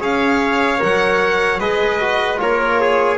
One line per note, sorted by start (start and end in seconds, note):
0.00 0.80 C#4
0.00 0.78 G#4
0.00 1.60 C#5
0.00 0.83 F5
0.78 1.60 F#3
0.78 1.58 A#4
0.78 1.60 F#5
1.60 2.40 G#3
1.60 2.00 G#4
1.60 2.40 B4
1.60 2.40 D#5
2.00 2.36 F#4
2.36 3.17 A#3
2.36 3.16 F4
2.36 2.81 A#4
2.36 3.17 C#5
2.81 3.17 G#4